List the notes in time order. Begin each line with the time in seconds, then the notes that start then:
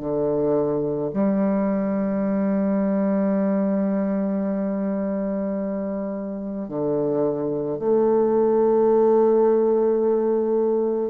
0.00 D3
1.14 G3
6.69 D3
7.79 A3